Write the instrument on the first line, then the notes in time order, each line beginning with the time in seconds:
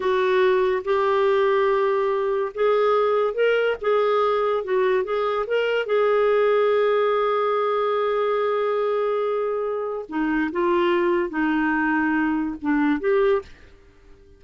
clarinet
0.00 F#4
0.84 G4
2.54 G#4
3.34 A#4
3.81 G#4
4.63 F#4
5.03 G#4
5.46 A#4
5.86 G#4
10.09 D#4
10.52 F4
11.29 D#4
12.61 D4
13.00 G4